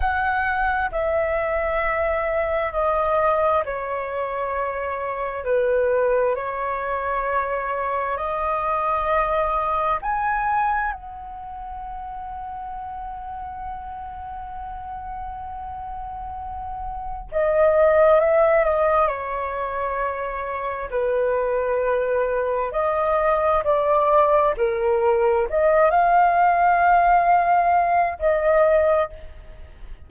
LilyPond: \new Staff \with { instrumentName = "flute" } { \time 4/4 \tempo 4 = 66 fis''4 e''2 dis''4 | cis''2 b'4 cis''4~ | cis''4 dis''2 gis''4 | fis''1~ |
fis''2. dis''4 | e''8 dis''8 cis''2 b'4~ | b'4 dis''4 d''4 ais'4 | dis''8 f''2~ f''8 dis''4 | }